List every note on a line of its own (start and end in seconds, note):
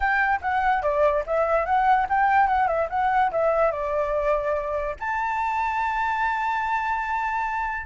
0.00 0.40 G5
0.41 0.82 F#5
0.82 1.23 D5
1.26 1.65 E5
1.65 2.07 F#5
2.09 2.47 G5
2.47 2.67 F#5
2.67 2.88 E5
2.89 3.31 F#5
3.31 3.71 E5
3.71 4.95 D5
4.99 7.85 A5